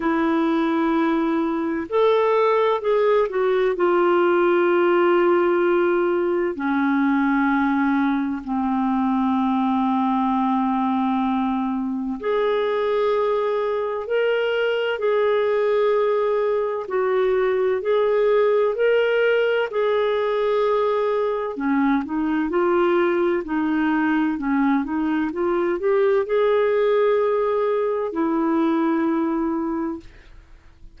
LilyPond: \new Staff \with { instrumentName = "clarinet" } { \time 4/4 \tempo 4 = 64 e'2 a'4 gis'8 fis'8 | f'2. cis'4~ | cis'4 c'2.~ | c'4 gis'2 ais'4 |
gis'2 fis'4 gis'4 | ais'4 gis'2 cis'8 dis'8 | f'4 dis'4 cis'8 dis'8 f'8 g'8 | gis'2 e'2 | }